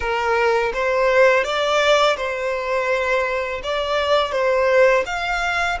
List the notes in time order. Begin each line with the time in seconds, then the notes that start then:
0.00 A#4
0.73 C5
1.44 D5
2.16 C5
3.63 D5
4.31 C5
5.06 F5